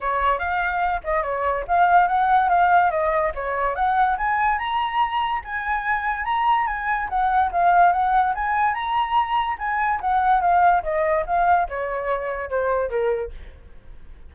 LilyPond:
\new Staff \with { instrumentName = "flute" } { \time 4/4 \tempo 4 = 144 cis''4 f''4. dis''8 cis''4 | f''4 fis''4 f''4 dis''4 | cis''4 fis''4 gis''4 ais''4~ | ais''4 gis''2 ais''4 |
gis''4 fis''4 f''4 fis''4 | gis''4 ais''2 gis''4 | fis''4 f''4 dis''4 f''4 | cis''2 c''4 ais'4 | }